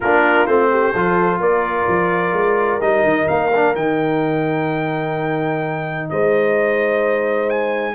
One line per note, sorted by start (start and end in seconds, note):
0.00 0.46 A#3
0.00 0.47 D4
0.00 0.69 F4
0.00 0.46 A#4
0.46 0.93 A3
0.46 0.94 C4
0.46 1.40 C5
0.70 0.93 G4
0.93 1.39 F3
0.93 2.81 F4
0.93 1.39 A4
1.39 1.86 A#3
1.39 6.09 A#4
1.39 2.81 D5
1.88 2.32 F3
2.32 2.79 G#3
2.80 3.04 G3
2.80 3.51 D#4
2.80 3.27 D#5
3.04 3.27 D#3
3.27 3.75 A#3
3.27 3.74 F5
3.55 3.75 D4
3.75 6.09 D#3
3.75 7.95 D#4
3.75 6.09 G5
6.09 7.95 G#3
6.09 7.95 C5
6.09 7.49 D#5
7.49 7.95 G#5